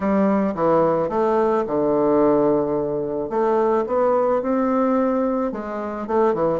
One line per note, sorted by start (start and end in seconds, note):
0.00 0.54 G3
0.55 1.09 E3
1.09 1.64 A3
1.66 3.29 D3
3.29 3.84 A3
3.87 4.42 B3
4.42 5.52 C4
5.52 6.07 G#3
6.07 6.34 A3
6.34 6.60 E3